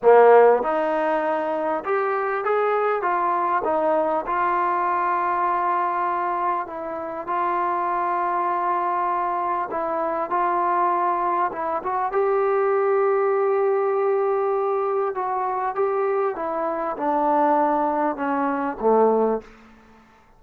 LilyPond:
\new Staff \with { instrumentName = "trombone" } { \time 4/4 \tempo 4 = 99 ais4 dis'2 g'4 | gis'4 f'4 dis'4 f'4~ | f'2. e'4 | f'1 |
e'4 f'2 e'8 fis'8 | g'1~ | g'4 fis'4 g'4 e'4 | d'2 cis'4 a4 | }